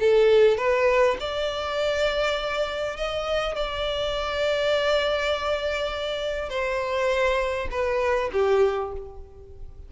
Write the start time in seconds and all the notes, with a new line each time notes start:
0.00 A4
0.58 B4
1.20 D5
2.97 D#5
3.56 D5
6.49 C5
7.71 B4
8.33 G4